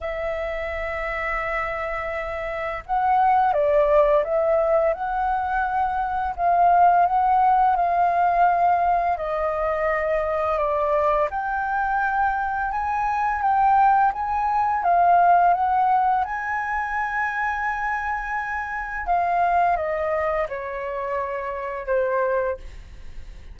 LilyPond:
\new Staff \with { instrumentName = "flute" } { \time 4/4 \tempo 4 = 85 e''1 | fis''4 d''4 e''4 fis''4~ | fis''4 f''4 fis''4 f''4~ | f''4 dis''2 d''4 |
g''2 gis''4 g''4 | gis''4 f''4 fis''4 gis''4~ | gis''2. f''4 | dis''4 cis''2 c''4 | }